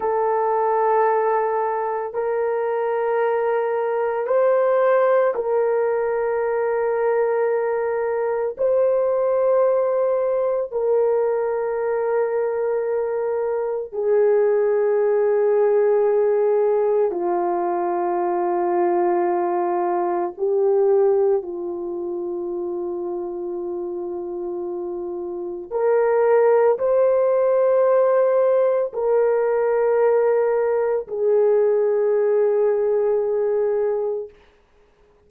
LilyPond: \new Staff \with { instrumentName = "horn" } { \time 4/4 \tempo 4 = 56 a'2 ais'2 | c''4 ais'2. | c''2 ais'2~ | ais'4 gis'2. |
f'2. g'4 | f'1 | ais'4 c''2 ais'4~ | ais'4 gis'2. | }